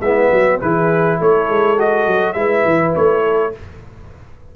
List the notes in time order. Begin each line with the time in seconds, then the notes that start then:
0.00 G#3 B3 E4 E5
0.30 F#3 F#4
0.60 E3 E4 G#4 B4
1.18 A3 A4 C#5
1.49 G#3
1.77 F#4 D#5
2.07 F#3
2.32 G#3 E4 B4 E5
2.64 E3
2.95 A3 C#5
3.23 A4